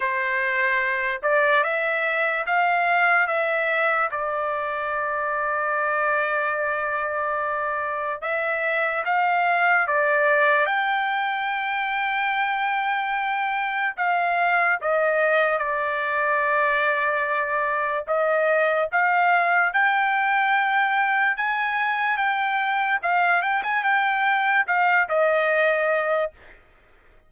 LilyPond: \new Staff \with { instrumentName = "trumpet" } { \time 4/4 \tempo 4 = 73 c''4. d''8 e''4 f''4 | e''4 d''2.~ | d''2 e''4 f''4 | d''4 g''2.~ |
g''4 f''4 dis''4 d''4~ | d''2 dis''4 f''4 | g''2 gis''4 g''4 | f''8 g''16 gis''16 g''4 f''8 dis''4. | }